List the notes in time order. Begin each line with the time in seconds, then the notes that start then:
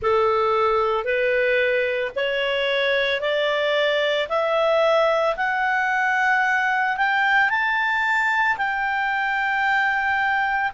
0.02 A4
1.04 B4
2.15 C#5
3.20 D5
4.29 E5
5.36 F#5
6.96 G5
7.49 A5
8.57 G5